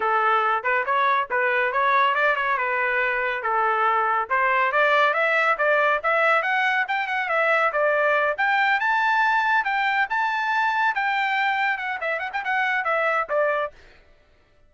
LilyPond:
\new Staff \with { instrumentName = "trumpet" } { \time 4/4 \tempo 4 = 140 a'4. b'8 cis''4 b'4 | cis''4 d''8 cis''8 b'2 | a'2 c''4 d''4 | e''4 d''4 e''4 fis''4 |
g''8 fis''8 e''4 d''4. g''8~ | g''8 a''2 g''4 a''8~ | a''4. g''2 fis''8 | e''8 fis''16 g''16 fis''4 e''4 d''4 | }